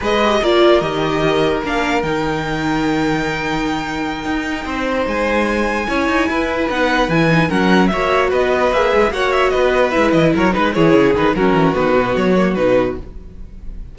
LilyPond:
<<
  \new Staff \with { instrumentName = "violin" } { \time 4/4 \tempo 4 = 148 dis''4 d''4 dis''2 | f''4 g''2.~ | g''1~ | g''8 gis''2.~ gis''8~ |
gis''8 fis''4 gis''4 fis''4 e''8~ | e''8 dis''4 e''4 fis''8 e''8 dis''8~ | dis''8 e''8 dis''8 cis''8 b'8 cis''4 b'8 | ais'4 b'4 cis''4 b'4 | }
  \new Staff \with { instrumentName = "violin" } { \time 4/4 b'4 ais'2.~ | ais'1~ | ais'2.~ ais'8 c''8~ | c''2~ c''8 cis''4 b'8~ |
b'2~ b'8 ais'4 cis''8~ | cis''8 b'2 cis''4 b'8~ | b'4. ais'8 b'8 gis'4. | fis'1 | }
  \new Staff \with { instrumentName = "viola" } { \time 4/4 gis'8 g'8 f'4 g'2 | d'4 dis'2.~ | dis'1~ | dis'2~ dis'8 e'4.~ |
e'8 dis'4 e'8 dis'8 cis'4 fis'8~ | fis'4. gis'4 fis'4.~ | fis'8 e'4. dis'8 e'4 dis'8 | cis'4 b4. ais8 dis'4 | }
  \new Staff \with { instrumentName = "cello" } { \time 4/4 gis4 ais4 dis2 | ais4 dis2.~ | dis2~ dis8 dis'4 c'8~ | c'8 gis2 cis'8 dis'8 e'8~ |
e'8 b4 e4 fis4 ais8~ | ais8 b4 ais8 gis8 ais4 b8~ | b8 gis8 e8 fis8 gis8 e8 cis8 dis8 | fis8 e8 dis8 b,8 fis4 b,4 | }
>>